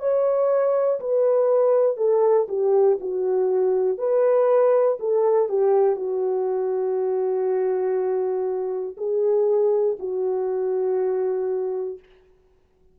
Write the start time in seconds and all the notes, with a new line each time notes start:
0.00 C#5
1.00 B4
1.97 A4
2.49 G4
3.01 F#4
3.98 B4
5.00 A4
5.49 G4
5.96 F#4
8.97 G#4
9.99 F#4